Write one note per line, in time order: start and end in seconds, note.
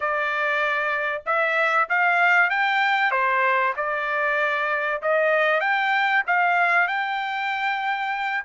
0.00 1.22 D5
1.26 1.88 E5
1.89 2.50 F5
2.50 3.11 G5
3.11 3.73 C5
3.76 5.01 D5
5.02 5.60 D#5
5.60 6.22 G5
6.26 6.88 F5
6.88 8.44 G5